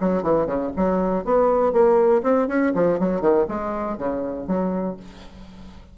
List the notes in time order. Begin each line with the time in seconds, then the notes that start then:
0.00 F#3
0.22 E3
0.46 C#3
0.76 F#3
1.24 B3
1.72 A#3
2.23 C4
2.47 C#4
2.74 F3
2.99 F#3
3.21 D#3
3.48 G#3
3.97 C#3
4.47 F#3